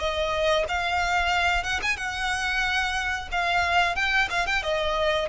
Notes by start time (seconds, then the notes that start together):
0.00 D#5
0.69 F5
1.64 F#5
1.83 G#5
1.97 F#5
3.32 F5
3.96 G5
4.31 F5
4.47 G5
4.63 D#5